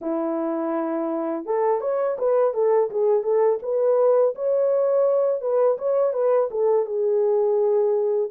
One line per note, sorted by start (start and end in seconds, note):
0.01 1.45 E4
1.45 1.81 A4
1.81 2.17 C#5
2.18 2.53 B4
2.53 2.89 A4
2.90 3.23 G#4
3.23 3.59 A4
3.62 4.34 B4
4.35 5.41 C#5
5.41 5.77 B4
5.78 6.13 C#5
6.13 6.49 B4
6.50 6.85 A4
6.85 8.30 G#4